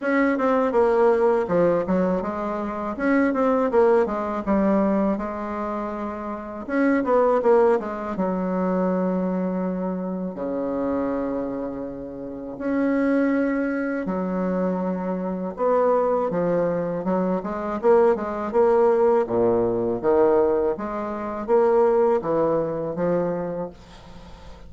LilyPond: \new Staff \with { instrumentName = "bassoon" } { \time 4/4 \tempo 4 = 81 cis'8 c'8 ais4 f8 fis8 gis4 | cis'8 c'8 ais8 gis8 g4 gis4~ | gis4 cis'8 b8 ais8 gis8 fis4~ | fis2 cis2~ |
cis4 cis'2 fis4~ | fis4 b4 f4 fis8 gis8 | ais8 gis8 ais4 ais,4 dis4 | gis4 ais4 e4 f4 | }